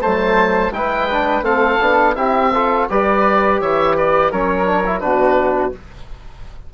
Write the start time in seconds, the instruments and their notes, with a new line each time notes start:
0.00 bassoon F#3, trombone A3, flute C5, oboe A5
0.71 bassoon G#3, trombone E4, flute B4, oboe G5
1.10 trombone D4
1.41 bassoon A3, trombone C4, flute A4, oboe F5
1.80 bassoon B3, trombone D4
2.15 bassoon C4, trombone E4, flute G4, oboe E5
2.53 trombone F4, flute A4
2.89 bassoon G3, trombone G4, flute B4, oboe D5
3.60 bassoon E3, flute C#5, oboe E5
3.96 flute B4, oboe D5
4.30 bassoon F#3, trombone C#4, flute A#4, oboe C#5
4.65 trombone D4
4.86 trombone E4
5.00 bassoon B2, trombone D4, flute F#4, oboe B4